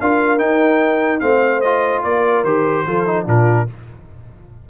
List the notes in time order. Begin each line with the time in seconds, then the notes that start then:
0.00 D4 F4 A#4 F5
0.38 D#4 G5
1.20 A3 C4 C5 F5
1.61 F4 D#5
2.03 A#3 A#4 D5
2.44 D#3 G4 C5
2.86 F3 F4 A4
3.06 D#4
3.26 A#2 D4 F4 A#4